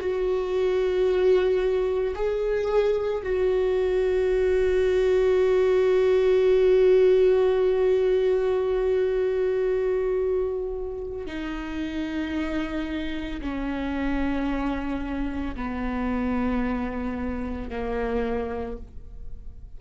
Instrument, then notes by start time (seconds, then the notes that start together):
viola
0.00 F#4
2.15 G#4
3.23 F#4
11.26 D#4
13.41 C#4
15.56 B3
17.70 A#3